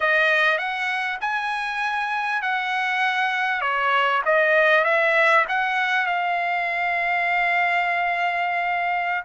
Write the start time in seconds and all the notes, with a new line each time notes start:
0.00 D#5
0.58 F#5
1.20 G#5
2.42 F#5
3.61 C#5
4.25 D#5
4.84 E5
5.48 F#5
6.06 F5